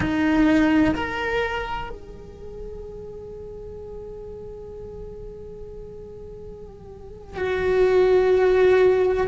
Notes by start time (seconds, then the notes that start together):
0.00 D#4
0.94 A#4
1.89 G#4
7.36 F#4